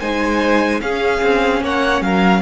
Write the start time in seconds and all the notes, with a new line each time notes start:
0.00 G#3 D#4 C5 G#5
0.81 C#4 G#4 F5
1.22 C4
1.61 A#3 C#5 F#5
2.02 F#3 A#4 F5